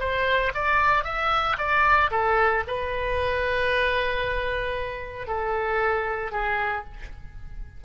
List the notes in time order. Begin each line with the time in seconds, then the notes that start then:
0.00 C5
0.55 D5
1.04 E5
1.58 D5
2.11 A4
2.67 B4
5.27 A4
6.32 G#4